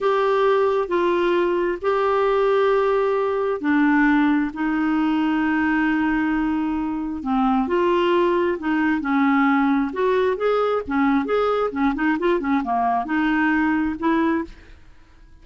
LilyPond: \new Staff \with { instrumentName = "clarinet" } { \time 4/4 \tempo 4 = 133 g'2 f'2 | g'1 | d'2 dis'2~ | dis'1 |
c'4 f'2 dis'4 | cis'2 fis'4 gis'4 | cis'4 gis'4 cis'8 dis'8 f'8 cis'8 | ais4 dis'2 e'4 | }